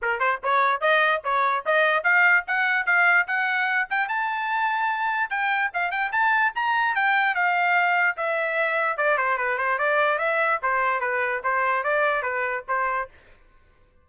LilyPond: \new Staff \with { instrumentName = "trumpet" } { \time 4/4 \tempo 4 = 147 ais'8 c''8 cis''4 dis''4 cis''4 | dis''4 f''4 fis''4 f''4 | fis''4. g''8 a''2~ | a''4 g''4 f''8 g''8 a''4 |
ais''4 g''4 f''2 | e''2 d''8 c''8 b'8 c''8 | d''4 e''4 c''4 b'4 | c''4 d''4 b'4 c''4 | }